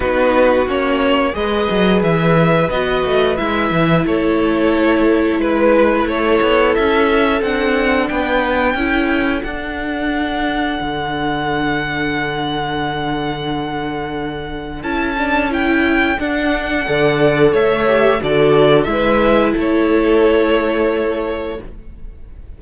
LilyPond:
<<
  \new Staff \with { instrumentName = "violin" } { \time 4/4 \tempo 4 = 89 b'4 cis''4 dis''4 e''4 | dis''4 e''4 cis''2 | b'4 cis''4 e''4 fis''4 | g''2 fis''2~ |
fis''1~ | fis''2 a''4 g''4 | fis''2 e''4 d''4 | e''4 cis''2. | }
  \new Staff \with { instrumentName = "violin" } { \time 4/4 fis'2 b'2~ | b'2 a'2 | b'4 a'2. | b'4 a'2.~ |
a'1~ | a'1~ | a'4 d''4 cis''4 a'4 | b'4 a'2. | }
  \new Staff \with { instrumentName = "viola" } { \time 4/4 dis'4 cis'4 gis'2 | fis'4 e'2.~ | e'2. d'4~ | d'4 e'4 d'2~ |
d'1~ | d'2 e'8 d'8 e'4 | d'4 a'4. g'8 fis'4 | e'1 | }
  \new Staff \with { instrumentName = "cello" } { \time 4/4 b4 ais4 gis8 fis8 e4 | b8 a8 gis8 e8 a2 | gis4 a8 b8 cis'4 c'4 | b4 cis'4 d'2 |
d1~ | d2 cis'2 | d'4 d4 a4 d4 | gis4 a2. | }
>>